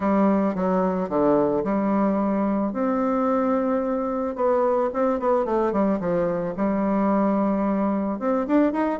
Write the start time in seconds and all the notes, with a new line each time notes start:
0.00 G3
0.55 F#3
1.09 D3
1.64 G3
2.72 C4
4.35 B3
4.93 C4
5.19 B3
5.45 A3
5.72 G3
6.00 F3
6.57 G3
8.19 C4
8.47 D4
8.72 D#4